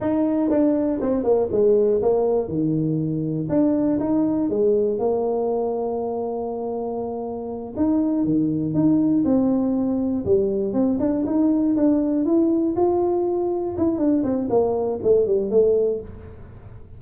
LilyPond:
\new Staff \with { instrumentName = "tuba" } { \time 4/4 \tempo 4 = 120 dis'4 d'4 c'8 ais8 gis4 | ais4 dis2 d'4 | dis'4 gis4 ais2~ | ais2.~ ais8 dis'8~ |
dis'8 dis4 dis'4 c'4.~ | c'8 g4 c'8 d'8 dis'4 d'8~ | d'8 e'4 f'2 e'8 | d'8 c'8 ais4 a8 g8 a4 | }